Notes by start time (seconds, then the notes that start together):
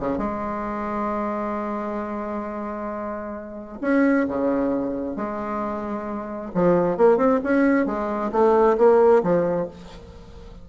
0.00 C#3
0.18 G#3
3.81 C#4
4.28 C#3
5.16 G#3
6.54 F3
6.97 A#3
7.17 C4
7.43 C#4
7.86 G#3
8.32 A3
8.77 A#3
9.23 F3